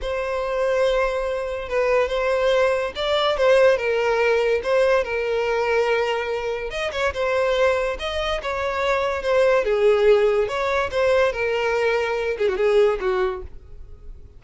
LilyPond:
\new Staff \with { instrumentName = "violin" } { \time 4/4 \tempo 4 = 143 c''1 | b'4 c''2 d''4 | c''4 ais'2 c''4 | ais'1 |
dis''8 cis''8 c''2 dis''4 | cis''2 c''4 gis'4~ | gis'4 cis''4 c''4 ais'4~ | ais'4. gis'16 fis'16 gis'4 fis'4 | }